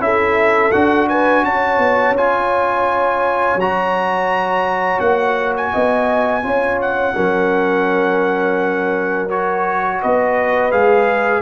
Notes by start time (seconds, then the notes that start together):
0.00 C#4 E4 A4 E5
0.72 D4 F#4 F#5
1.09 B4 G#5
1.44 C#4 C#5 A5
1.78 B3
2.12 C#4 F4 G#5
3.56 F#3 F#4 A#5
5.00 A#3 F#5
5.57 G#5
5.72 B3 D#5
6.43 C#4 F4 C#5
6.81 F#5
7.15 F#3 C#4 A#4
9.29 F#4 C#5
10.01 B3 B4 D#5
10.72 G#3 G#4 F5